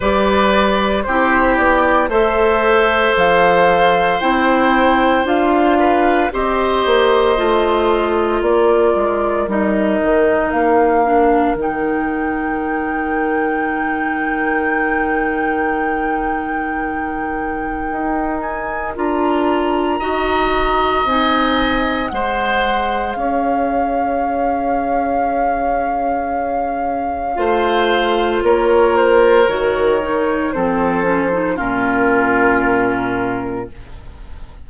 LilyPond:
<<
  \new Staff \with { instrumentName = "flute" } { \time 4/4 \tempo 4 = 57 d''4 c''8 d''8 e''4 f''4 | g''4 f''4 dis''2 | d''4 dis''4 f''4 g''4~ | g''1~ |
g''4. gis''8 ais''2 | gis''4 fis''4 f''2~ | f''2. cis''8 c''8 | cis''4 c''4 ais'2 | }
  \new Staff \with { instrumentName = "oboe" } { \time 4/4 b'4 g'4 c''2~ | c''4. b'8 c''2 | ais'1~ | ais'1~ |
ais'2. dis''4~ | dis''4 c''4 cis''2~ | cis''2 c''4 ais'4~ | ais'4 a'4 f'2 | }
  \new Staff \with { instrumentName = "clarinet" } { \time 4/4 g'4 e'4 a'2 | e'4 f'4 g'4 f'4~ | f'4 dis'4. d'8 dis'4~ | dis'1~ |
dis'2 f'4 fis'4 | dis'4 gis'2.~ | gis'2 f'2 | fis'8 dis'8 c'8 cis'16 dis'16 cis'2 | }
  \new Staff \with { instrumentName = "bassoon" } { \time 4/4 g4 c'8 b8 a4 f4 | c'4 d'4 c'8 ais8 a4 | ais8 gis8 g8 dis8 ais4 dis4~ | dis1~ |
dis4 dis'4 d'4 dis'4 | c'4 gis4 cis'2~ | cis'2 a4 ais4 | dis4 f4 ais,2 | }
>>